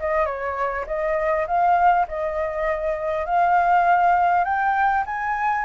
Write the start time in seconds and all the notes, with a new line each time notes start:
0.00 D#5
0.26 C#5
0.87 D#5
1.48 F5
2.09 D#5
3.26 F5
4.45 G5
5.06 G#5